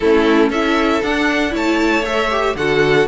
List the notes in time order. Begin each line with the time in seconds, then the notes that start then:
0.00 A3 C#4 E4 A4
0.49 C#4 E4 A4 E5
1.02 D4 F#5
1.50 A3 E4 C#5
1.56 A5
2.04 A4 E5
2.30 G4
2.55 D3 F#4 A4 F#5